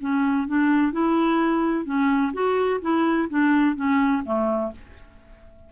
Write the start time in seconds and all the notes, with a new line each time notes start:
0.00 C#4
0.47 D4
0.92 E4
1.85 C#4
2.33 F#4
2.81 E4
3.29 D4
3.75 C#4
4.25 A3